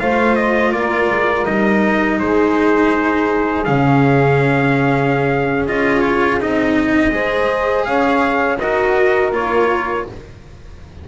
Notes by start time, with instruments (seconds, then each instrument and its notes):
0.00 double bass A3, cello F4, saxophone C5, trumpet F5
0.36 trumpet D#5
0.72 double bass A#3, saxophone A#4, trumpet D5
1.10 double bass G#3
1.46 double bass G3, cello D#4, trumpet D#5
2.19 double bass G#3, saxophone G#4, trumpet C5
3.65 double bass C#3, cello C#4, trumpet F5
5.68 double bass C#4, cello F4, trumpet D#5
6.01 trumpet C#5
6.41 double bass C4, cello D#4, trumpet D#5
7.12 double bass G#3, cello G#4, saxophone C5
7.85 double bass C#4, saxophone C#5, trumpet F5
8.59 double bass D#4, cello F#4, saxophone A#4, trumpet D#5
9.32 double bass A#3, cello F4, trumpet C#5